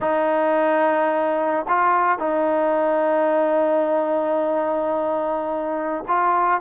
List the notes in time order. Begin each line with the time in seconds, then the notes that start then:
0.00 D#4
1.68 F4
2.19 D#4
6.08 F4